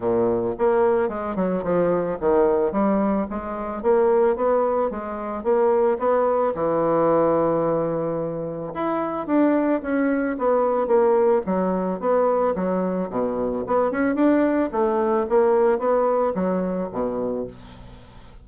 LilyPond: \new Staff \with { instrumentName = "bassoon" } { \time 4/4 \tempo 4 = 110 ais,4 ais4 gis8 fis8 f4 | dis4 g4 gis4 ais4 | b4 gis4 ais4 b4 | e1 |
e'4 d'4 cis'4 b4 | ais4 fis4 b4 fis4 | b,4 b8 cis'8 d'4 a4 | ais4 b4 fis4 b,4 | }